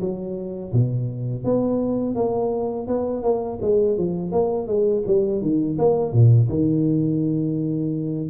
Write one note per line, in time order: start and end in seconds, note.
0.00 0.72 F#3
0.73 1.44 B2
1.44 2.15 B3
2.15 2.87 A#3
2.87 3.23 B3
3.23 3.59 A#3
3.61 3.97 G#3
3.97 4.31 F3
4.31 4.67 A#3
4.67 5.03 G#3
5.07 5.41 G3
5.41 5.77 D#3
5.78 6.12 A#3
6.12 6.48 A#2
6.49 8.29 D#3